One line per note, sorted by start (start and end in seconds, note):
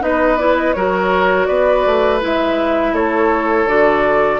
0.00 0.75 B3
0.00 0.37 D#4
0.00 0.75 B4
0.00 0.37 D#5
0.37 0.75 E4
0.37 0.55 D5
0.57 0.73 D#5
0.73 1.48 F#3
0.73 2.20 F#4
0.73 1.47 A#4
0.73 1.45 C#5
1.45 1.85 B3
1.45 2.93 B4
1.45 2.18 D5
1.85 2.22 A3
2.20 2.92 G#3
2.20 3.67 E4
2.20 2.94 E5
2.92 3.65 A3
2.92 4.40 A4
2.92 3.67 C#5
3.65 4.39 D3
3.65 4.40 F#4
3.65 4.40 D5